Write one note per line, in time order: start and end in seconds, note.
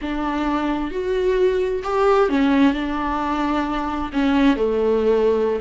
0.01 0.91 D4
0.91 1.82 F#4
1.83 2.29 G4
2.29 2.73 C#4
2.73 4.10 D4
4.12 4.56 C#4
4.56 5.59 A3